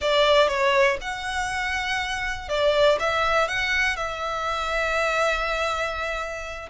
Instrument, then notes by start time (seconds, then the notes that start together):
violin
0.01 D5
0.48 C#5
1.01 F#5
2.48 D5
2.99 E5
3.48 F#5
3.96 E5